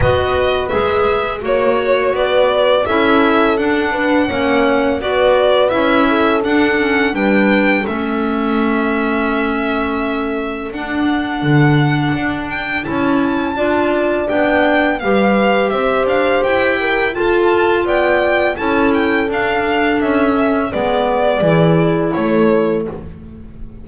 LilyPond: <<
  \new Staff \with { instrumentName = "violin" } { \time 4/4 \tempo 4 = 84 dis''4 e''4 cis''4 d''4 | e''4 fis''2 d''4 | e''4 fis''4 g''4 e''4~ | e''2. fis''4~ |
fis''4. g''8 a''2 | g''4 f''4 e''8 f''8 g''4 | a''4 g''4 a''8 g''8 f''4 | e''4 d''2 cis''4 | }
  \new Staff \with { instrumentName = "horn" } { \time 4/4 b'2 cis''4 b'4 | a'4. b'8 cis''4 b'4~ | b'8 a'4. b'4 a'4~ | a'1~ |
a'2. d''4~ | d''4 b'4 c''4. ais'8 | a'4 d''4 a'2~ | a'4 b'4 gis'4 a'4 | }
  \new Staff \with { instrumentName = "clarinet" } { \time 4/4 fis'4 gis'4 fis'2 | e'4 d'4 cis'4 fis'4 | e'4 d'8 cis'8 d'4 cis'4~ | cis'2. d'4~ |
d'2 e'4 f'4 | d'4 g'2. | f'2 e'4 d'4~ | d'8 cis'8 b4 e'2 | }
  \new Staff \with { instrumentName = "double bass" } { \time 4/4 b4 gis4 ais4 b4 | cis'4 d'4 ais4 b4 | cis'4 d'4 g4 a4~ | a2. d'4 |
d4 d'4 cis'4 d'4 | b4 g4 c'8 d'8 e'4 | f'4 b4 cis'4 d'4 | cis'4 gis4 e4 a4 | }
>>